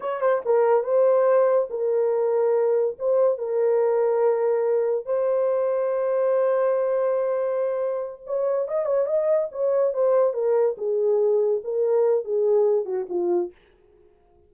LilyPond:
\new Staff \with { instrumentName = "horn" } { \time 4/4 \tempo 4 = 142 cis''8 c''8 ais'4 c''2 | ais'2. c''4 | ais'1 | c''1~ |
c''2.~ c''8 cis''8~ | cis''8 dis''8 cis''8 dis''4 cis''4 c''8~ | c''8 ais'4 gis'2 ais'8~ | ais'4 gis'4. fis'8 f'4 | }